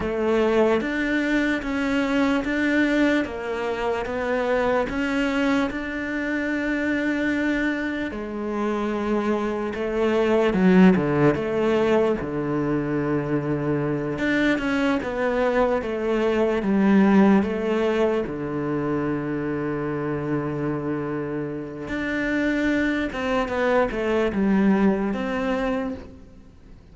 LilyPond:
\new Staff \with { instrumentName = "cello" } { \time 4/4 \tempo 4 = 74 a4 d'4 cis'4 d'4 | ais4 b4 cis'4 d'4~ | d'2 gis2 | a4 fis8 d8 a4 d4~ |
d4. d'8 cis'8 b4 a8~ | a8 g4 a4 d4.~ | d2. d'4~ | d'8 c'8 b8 a8 g4 c'4 | }